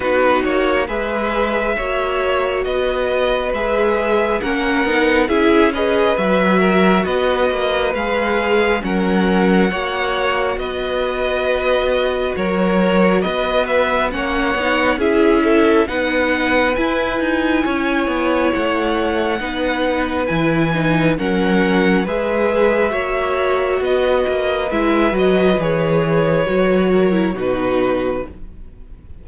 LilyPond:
<<
  \new Staff \with { instrumentName = "violin" } { \time 4/4 \tempo 4 = 68 b'8 cis''8 e''2 dis''4 | e''4 fis''4 e''8 dis''8 e''4 | dis''4 f''4 fis''2 | dis''2 cis''4 dis''8 e''8 |
fis''4 e''4 fis''4 gis''4~ | gis''4 fis''2 gis''4 | fis''4 e''2 dis''4 | e''8 dis''8 cis''2 b'4 | }
  \new Staff \with { instrumentName = "violin" } { \time 4/4 fis'4 b'4 cis''4 b'4~ | b'4 ais'4 gis'8 b'4 ais'8 | b'2 ais'4 cis''4 | b'2 ais'4 b'4 |
cis''4 gis'8 a'8 b'2 | cis''2 b'2 | ais'4 b'4 cis''4 b'4~ | b'2~ b'8 ais'8 fis'4 | }
  \new Staff \with { instrumentName = "viola" } { \time 4/4 dis'4 gis'4 fis'2 | gis'4 cis'8 dis'8 e'8 gis'8 fis'4~ | fis'4 gis'4 cis'4 fis'4~ | fis'1 |
cis'8 dis'8 e'4 dis'4 e'4~ | e'2 dis'4 e'8 dis'8 | cis'4 gis'4 fis'2 | e'8 fis'8 gis'4 fis'8. e'16 dis'4 | }
  \new Staff \with { instrumentName = "cello" } { \time 4/4 b8 ais8 gis4 ais4 b4 | gis4 ais8 b8 cis'4 fis4 | b8 ais8 gis4 fis4 ais4 | b2 fis4 b4 |
ais8 b8 cis'4 b4 e'8 dis'8 | cis'8 b8 a4 b4 e4 | fis4 gis4 ais4 b8 ais8 | gis8 fis8 e4 fis4 b,4 | }
>>